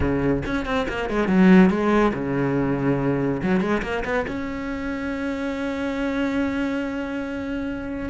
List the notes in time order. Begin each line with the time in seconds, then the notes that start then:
0.00 C#3
0.45 C#4
0.65 C4
0.88 A#3
1.09 G#3
1.27 F#3
1.69 G#3
2.14 C#3
3.42 F#3
3.60 G#3
3.82 A#3
4.04 B3
4.27 C#4